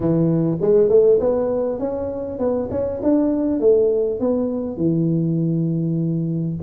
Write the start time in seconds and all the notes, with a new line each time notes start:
0.00 E3
0.61 G#3
0.89 A3
1.20 B3
1.79 C#4
2.38 B3
2.70 C#4
3.02 D4
3.60 A3
4.20 B3
4.76 E3